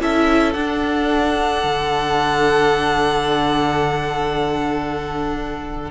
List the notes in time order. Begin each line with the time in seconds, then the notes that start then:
0.00 C#4 E4 A4 E5
0.53 D4 F#5
1.64 D3